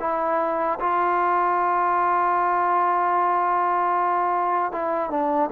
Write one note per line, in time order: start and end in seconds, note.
0.00 0.79 E4
0.80 4.73 F4
4.73 5.11 E4
5.11 5.50 D4